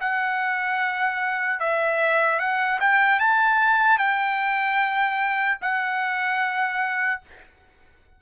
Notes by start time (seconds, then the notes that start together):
0.00 F#5
1.60 E5
2.39 F#5
2.80 G5
3.19 A5
3.98 G5
5.61 F#5